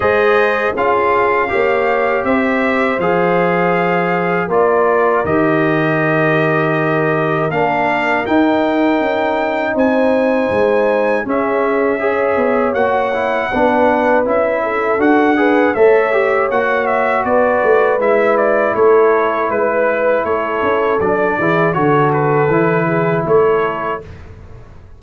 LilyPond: <<
  \new Staff \with { instrumentName = "trumpet" } { \time 4/4 \tempo 4 = 80 dis''4 f''2 e''4 | f''2 d''4 dis''4~ | dis''2 f''4 g''4~ | g''4 gis''2 e''4~ |
e''4 fis''2 e''4 | fis''4 e''4 fis''8 e''8 d''4 | e''8 d''8 cis''4 b'4 cis''4 | d''4 cis''8 b'4. cis''4 | }
  \new Staff \with { instrumentName = "horn" } { \time 4/4 c''4 gis'4 cis''4 c''4~ | c''2 ais'2~ | ais'1~ | ais'4 c''2 gis'4 |
cis''2 b'4. a'8~ | a'8 b'8 cis''2 b'4~ | b'4 a'4 b'4 a'4~ | a'8 gis'8 a'4. gis'8 a'4 | }
  \new Staff \with { instrumentName = "trombone" } { \time 4/4 gis'4 f'4 g'2 | gis'2 f'4 g'4~ | g'2 d'4 dis'4~ | dis'2. cis'4 |
gis'4 fis'8 e'8 d'4 e'4 | fis'8 gis'8 a'8 g'8 fis'2 | e'1 | d'8 e'8 fis'4 e'2 | }
  \new Staff \with { instrumentName = "tuba" } { \time 4/4 gis4 cis'4 ais4 c'4 | f2 ais4 dis4~ | dis2 ais4 dis'4 | cis'4 c'4 gis4 cis'4~ |
cis'8 b8 ais4 b4 cis'4 | d'4 a4 ais4 b8 a8 | gis4 a4 gis4 a8 cis'8 | fis8 e8 d4 e4 a4 | }
>>